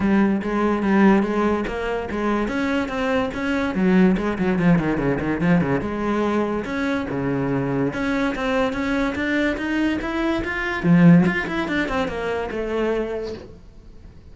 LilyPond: \new Staff \with { instrumentName = "cello" } { \time 4/4 \tempo 4 = 144 g4 gis4 g4 gis4 | ais4 gis4 cis'4 c'4 | cis'4 fis4 gis8 fis8 f8 dis8 | cis8 dis8 f8 cis8 gis2 |
cis'4 cis2 cis'4 | c'4 cis'4 d'4 dis'4 | e'4 f'4 f4 f'8 e'8 | d'8 c'8 ais4 a2 | }